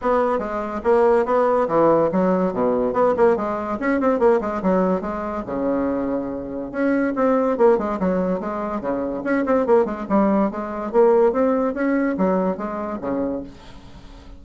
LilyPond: \new Staff \with { instrumentName = "bassoon" } { \time 4/4 \tempo 4 = 143 b4 gis4 ais4 b4 | e4 fis4 b,4 b8 ais8 | gis4 cis'8 c'8 ais8 gis8 fis4 | gis4 cis2. |
cis'4 c'4 ais8 gis8 fis4 | gis4 cis4 cis'8 c'8 ais8 gis8 | g4 gis4 ais4 c'4 | cis'4 fis4 gis4 cis4 | }